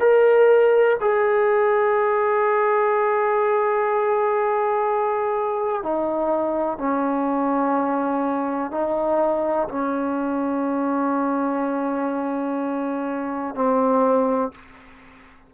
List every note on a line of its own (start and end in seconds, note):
0.00 0.97 A#4
1.01 5.83 G#4
5.83 6.78 D#4
6.78 8.71 C#4
8.71 9.68 D#4
9.69 13.55 C#4
13.55 14.52 C4